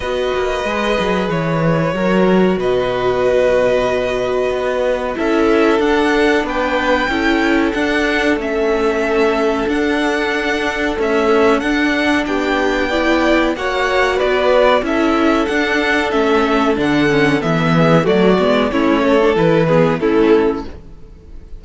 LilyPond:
<<
  \new Staff \with { instrumentName = "violin" } { \time 4/4 \tempo 4 = 93 dis''2 cis''2 | dis''1 | e''4 fis''4 g''2 | fis''4 e''2 fis''4~ |
fis''4 e''4 fis''4 g''4~ | g''4 fis''4 d''4 e''4 | fis''4 e''4 fis''4 e''4 | d''4 cis''4 b'4 a'4 | }
  \new Staff \with { instrumentName = "violin" } { \time 4/4 b'2. ais'4 | b'1 | a'2 b'4 a'4~ | a'1~ |
a'2. g'4 | d''4 cis''4 b'4 a'4~ | a'2.~ a'8 gis'8 | fis'4 e'8 a'4 gis'8 e'4 | }
  \new Staff \with { instrumentName = "viola" } { \time 4/4 fis'4 gis'2 fis'4~ | fis'1 | e'4 d'2 e'4 | d'4 cis'2 d'4~ |
d'4 a4 d'2 | e'4 fis'2 e'4 | d'4 cis'4 d'8 cis'8 b4 | a8 b8 cis'8. d'16 e'8 b8 cis'4 | }
  \new Staff \with { instrumentName = "cello" } { \time 4/4 b8 ais8 gis8 fis8 e4 fis4 | b,2. b4 | cis'4 d'4 b4 cis'4 | d'4 a2 d'4~ |
d'4 cis'4 d'4 b4~ | b4 ais4 b4 cis'4 | d'4 a4 d4 e4 | fis8 gis8 a4 e4 a4 | }
>>